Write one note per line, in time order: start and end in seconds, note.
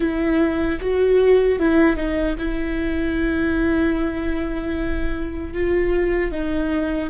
0.00 0.79 E4
0.80 1.59 F#4
1.59 1.96 E4
1.96 2.35 D#4
2.38 5.53 E4
5.53 6.31 F4
6.31 7.10 D#4